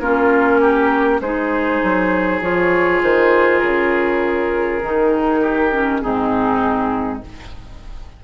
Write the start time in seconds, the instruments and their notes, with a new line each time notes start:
0.00 bassoon A#3, clarinet C#4, oboe F4, flute A#4
0.61 oboe G4
1.21 bassoon G#3, clarinet D#4, oboe G#4, flute C5
1.84 bassoon F#3
2.42 bassoon F3, clarinet F4, flute C#5
3.02 bassoon D#3, flute C5
3.60 bassoon C#3, flute A#4
4.83 bassoon D#3, clarinet D#4
5.41 oboe G4
5.72 clarinet C#4
6.01 bassoon G#2, clarinet C4, oboe D#4, flute G#4